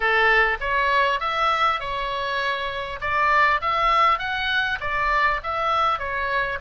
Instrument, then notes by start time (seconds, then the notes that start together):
oboe
0.00 A4
0.60 C#5
1.20 E5
1.80 C#5
3.00 D5
3.61 E5
4.18 F#5
4.80 D5
5.43 E5
5.98 C#5